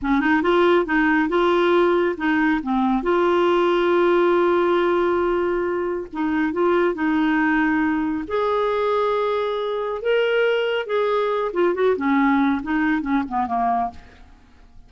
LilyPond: \new Staff \with { instrumentName = "clarinet" } { \time 4/4 \tempo 4 = 138 cis'8 dis'8 f'4 dis'4 f'4~ | f'4 dis'4 c'4 f'4~ | f'1~ | f'2 dis'4 f'4 |
dis'2. gis'4~ | gis'2. ais'4~ | ais'4 gis'4. f'8 fis'8 cis'8~ | cis'4 dis'4 cis'8 b8 ais4 | }